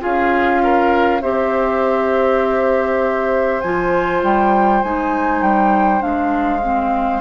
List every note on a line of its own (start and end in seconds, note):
0.00 1.23 C#4
0.00 1.20 F4
0.00 0.62 G#4
0.00 1.22 F5
0.64 1.22 A#4
1.22 3.62 C4
1.22 3.63 G4
1.22 7.21 C5
1.22 3.61 E5
3.61 4.23 F3
3.61 4.84 F4
3.61 4.21 G#5
4.23 4.83 G3
4.23 4.83 G5
4.83 5.42 G#3
4.83 6.00 D#4
4.83 5.42 G#5
5.42 6.02 G3
5.42 6.02 G5
6.00 7.21 G#3
6.00 6.59 D4
6.00 7.21 F5
6.63 7.21 C4